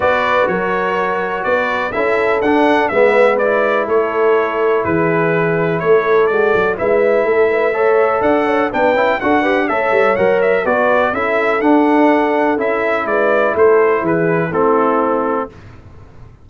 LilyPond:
<<
  \new Staff \with { instrumentName = "trumpet" } { \time 4/4 \tempo 4 = 124 d''4 cis''2 d''4 | e''4 fis''4 e''4 d''4 | cis''2 b'2 | cis''4 d''4 e''2~ |
e''4 fis''4 g''4 fis''4 | e''4 fis''8 e''8 d''4 e''4 | fis''2 e''4 d''4 | c''4 b'4 a'2 | }
  \new Staff \with { instrumentName = "horn" } { \time 4/4 b'4 ais'2 b'4 | a'2 b'2 | a'2 gis'2 | a'2 b'4 a'8 b'8 |
cis''4 d''8 cis''8 b'4 a'8 b'8 | cis''2 b'4 a'4~ | a'2. b'4 | a'4 gis'4 e'2 | }
  \new Staff \with { instrumentName = "trombone" } { \time 4/4 fis'1 | e'4 d'4 b4 e'4~ | e'1~ | e'4 fis'4 e'2 |
a'2 d'8 e'8 fis'8 g'8 | a'4 ais'4 fis'4 e'4 | d'2 e'2~ | e'2 c'2 | }
  \new Staff \with { instrumentName = "tuba" } { \time 4/4 b4 fis2 b4 | cis'4 d'4 gis2 | a2 e2 | a4 gis8 fis8 gis4 a4~ |
a4 d'4 b8 cis'8 d'4 | a8 g8 fis4 b4 cis'4 | d'2 cis'4 gis4 | a4 e4 a2 | }
>>